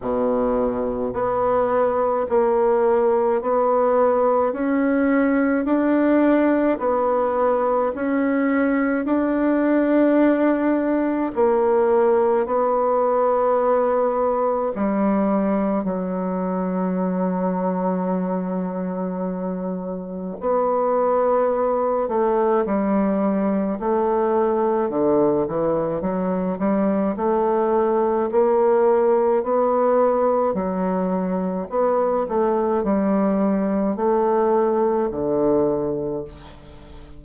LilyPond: \new Staff \with { instrumentName = "bassoon" } { \time 4/4 \tempo 4 = 53 b,4 b4 ais4 b4 | cis'4 d'4 b4 cis'4 | d'2 ais4 b4~ | b4 g4 fis2~ |
fis2 b4. a8 | g4 a4 d8 e8 fis8 g8 | a4 ais4 b4 fis4 | b8 a8 g4 a4 d4 | }